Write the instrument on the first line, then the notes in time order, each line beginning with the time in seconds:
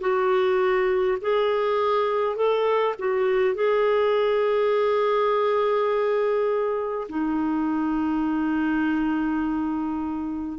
clarinet
0.00 F#4
1.21 G#4
2.36 A4
2.98 F#4
3.55 G#4
7.09 D#4